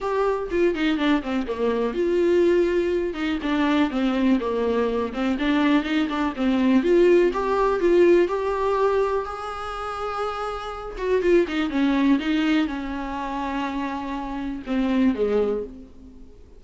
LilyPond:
\new Staff \with { instrumentName = "viola" } { \time 4/4 \tempo 4 = 123 g'4 f'8 dis'8 d'8 c'8 ais4 | f'2~ f'8 dis'8 d'4 | c'4 ais4. c'8 d'4 | dis'8 d'8 c'4 f'4 g'4 |
f'4 g'2 gis'4~ | gis'2~ gis'8 fis'8 f'8 dis'8 | cis'4 dis'4 cis'2~ | cis'2 c'4 gis4 | }